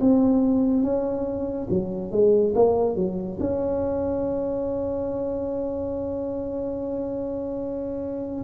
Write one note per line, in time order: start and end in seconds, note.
0.00 0.83 C4
0.83 1.67 C#4
1.69 2.11 F#3
2.11 2.53 G#3
2.55 2.95 A#3
2.95 3.38 F#3
3.40 8.44 C#4